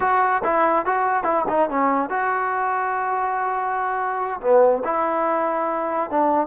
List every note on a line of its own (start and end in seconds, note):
0.00 0.42 F#4
0.43 0.85 E4
0.85 1.23 F#4
1.23 1.44 E4
1.48 1.69 D#4
1.69 2.09 C#4
2.09 4.40 F#4
4.41 4.83 B3
4.84 6.10 E4
6.10 6.46 D4